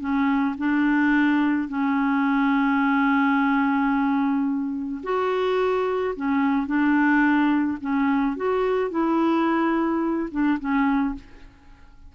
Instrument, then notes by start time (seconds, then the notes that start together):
clarinet
0.00 C#4
0.58 D4
1.69 C#4
5.03 F#4
6.16 C#4
6.67 D4
7.81 C#4
8.37 F#4
8.91 E4
10.31 D4
10.60 C#4